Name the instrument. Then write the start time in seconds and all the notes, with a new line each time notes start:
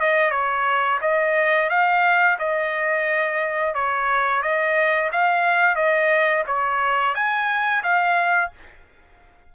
trumpet
0.00 D#5
0.31 C#5
1.01 D#5
1.70 F5
2.39 D#5
3.74 C#5
4.42 D#5
5.12 F5
5.76 D#5
6.47 C#5
7.15 G#5
7.83 F5